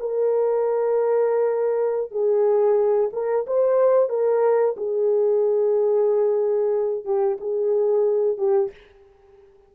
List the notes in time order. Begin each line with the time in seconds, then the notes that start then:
0.00 A#4
2.11 G#4
3.13 A#4
3.47 C5
4.09 A#4
4.77 G#4
7.05 G4
7.41 G#4
8.38 G4